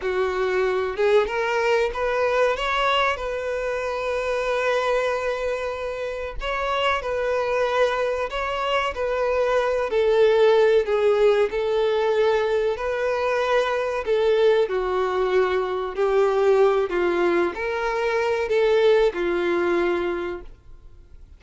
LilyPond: \new Staff \with { instrumentName = "violin" } { \time 4/4 \tempo 4 = 94 fis'4. gis'8 ais'4 b'4 | cis''4 b'2.~ | b'2 cis''4 b'4~ | b'4 cis''4 b'4. a'8~ |
a'4 gis'4 a'2 | b'2 a'4 fis'4~ | fis'4 g'4. f'4 ais'8~ | ais'4 a'4 f'2 | }